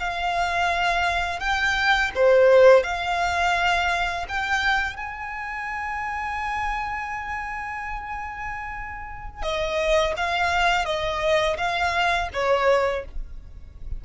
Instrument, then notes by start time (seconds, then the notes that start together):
violin
0.00 F5
1.40 G5
2.15 C5
2.83 F5
4.29 G5
4.97 G#5
9.43 D#5
10.17 F5
10.85 D#5
11.57 F5
12.33 C#5